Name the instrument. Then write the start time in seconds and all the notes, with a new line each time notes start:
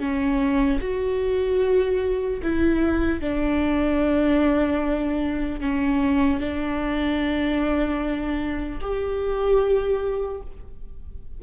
viola
0.00 C#4
0.81 F#4
2.43 E4
3.21 D4
5.61 C#4
6.40 D4
8.81 G4